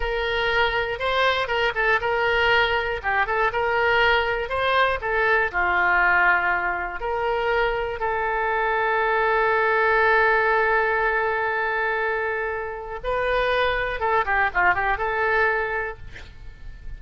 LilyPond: \new Staff \with { instrumentName = "oboe" } { \time 4/4 \tempo 4 = 120 ais'2 c''4 ais'8 a'8 | ais'2 g'8 a'8 ais'4~ | ais'4 c''4 a'4 f'4~ | f'2 ais'2 |
a'1~ | a'1~ | a'2 b'2 | a'8 g'8 f'8 g'8 a'2 | }